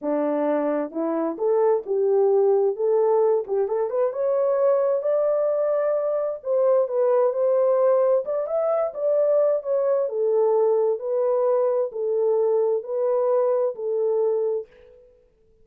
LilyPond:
\new Staff \with { instrumentName = "horn" } { \time 4/4 \tempo 4 = 131 d'2 e'4 a'4 | g'2 a'4. g'8 | a'8 b'8 cis''2 d''4~ | d''2 c''4 b'4 |
c''2 d''8 e''4 d''8~ | d''4 cis''4 a'2 | b'2 a'2 | b'2 a'2 | }